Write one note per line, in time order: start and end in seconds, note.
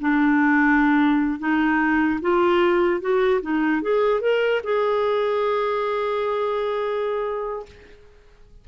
0.00 1.39 D4
1.39 2.19 D#4
2.21 3.00 F4
3.00 3.40 F#4
3.41 3.81 D#4
3.82 4.20 G#4
4.20 4.61 A#4
4.63 7.65 G#4